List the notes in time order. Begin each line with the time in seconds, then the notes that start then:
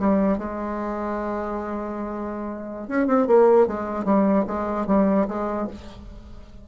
0.00 G3
0.38 G#3
2.88 C#4
3.07 C4
3.27 A#3
3.67 G#3
4.05 G3
4.47 G#3
4.87 G3
5.28 G#3